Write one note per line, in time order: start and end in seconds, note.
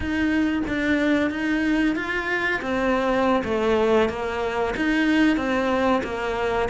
0.00 0.62 D#4
0.67 1.30 D4
1.30 1.95 D#4
1.95 2.61 F4
2.61 3.42 C4
3.44 4.09 A3
4.09 4.74 A#3
4.76 5.37 D#4
5.37 6.02 C4
6.03 6.68 A#3